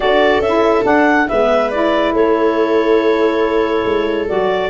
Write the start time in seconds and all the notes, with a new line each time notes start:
0.00 D4 F#4 A4 D5
0.39 C#4 E5
0.46 E4
0.83 D4 F#5
1.28 G#3 B3 B4 E5
1.70 E4 D5
2.13 A3 A4 C#5
3.84 G#3
4.27 F#3 F#4 D5